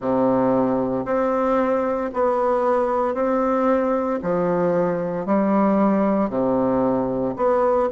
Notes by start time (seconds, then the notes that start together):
0.00 C3
1.05 C4
2.13 B3
3.14 C4
4.22 F3
5.26 G3
6.29 C3
7.36 B3